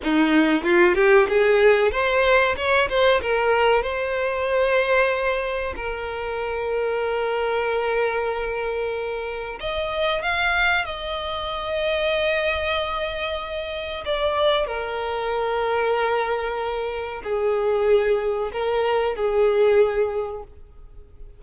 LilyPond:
\new Staff \with { instrumentName = "violin" } { \time 4/4 \tempo 4 = 94 dis'4 f'8 g'8 gis'4 c''4 | cis''8 c''8 ais'4 c''2~ | c''4 ais'2.~ | ais'2. dis''4 |
f''4 dis''2.~ | dis''2 d''4 ais'4~ | ais'2. gis'4~ | gis'4 ais'4 gis'2 | }